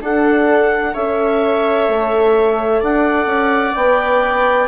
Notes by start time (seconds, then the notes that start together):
0.00 D4 A4 F#5
0.94 C#4 A4 C#5 E5
1.88 A3
2.81 D4 D5 F#5
3.25 C#4
3.75 B3 B4 G5